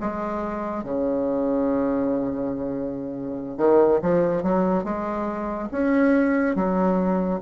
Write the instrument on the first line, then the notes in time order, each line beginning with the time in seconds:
bassoon
0.00 G#3
0.83 C#3
3.57 D#3
4.01 F3
4.42 F#3
4.84 G#3
5.71 C#4
6.55 F#3